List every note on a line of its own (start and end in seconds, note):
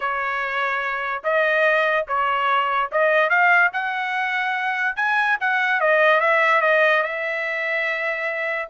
0.00 1.23 C#5
1.23 2.06 D#5
2.07 2.90 C#5
2.91 3.29 D#5
3.29 3.70 F5
3.72 4.96 F#5
4.96 5.37 G#5
5.40 5.80 F#5
5.80 6.20 D#5
6.20 6.61 E5
6.61 7.02 D#5
7.03 8.68 E5